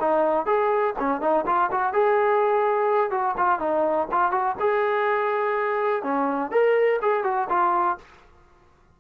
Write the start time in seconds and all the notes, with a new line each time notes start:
0.00 D#4
0.46 G#4
0.99 C#4
1.21 D#4
1.46 F4
1.71 F#4
1.93 G#4
3.11 F#4
3.37 F4
3.59 D#4
4.12 F4
4.31 F#4
4.60 G#4
6.03 C#4
6.51 A#4
7.02 G#4
7.24 F#4
7.49 F4